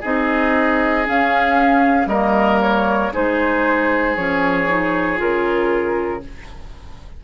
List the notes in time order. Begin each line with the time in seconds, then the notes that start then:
0.00 C4 D#4 G#4 D#5
1.06 C#4 F5
2.06 G3 A#3 A#4 D#5
2.61 C#5
3.13 G#3 D#4 G#4 C5
4.16 F3 C#4 C#5
4.68 D#4
5.17 C#3 F4 A#4